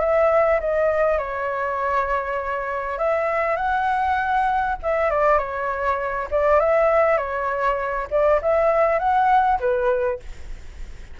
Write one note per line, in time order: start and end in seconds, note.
0.00 0.60 E5
0.60 1.18 D#5
1.18 2.98 C#5
2.98 3.56 E5
3.56 4.76 F#5
4.82 5.10 E5
5.10 5.38 D5
5.38 6.28 C#5
6.31 6.60 D5
6.60 7.17 E5
7.17 8.07 C#5
8.11 8.41 D5
8.42 8.99 E5
8.99 9.59 F#5
9.60 10.20 B4